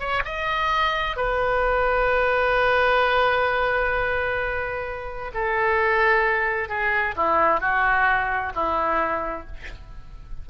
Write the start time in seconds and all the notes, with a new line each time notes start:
0.00 C#5
0.25 D#5
1.17 B4
5.34 A4
6.69 G#4
7.16 E4
7.61 F#4
8.55 E4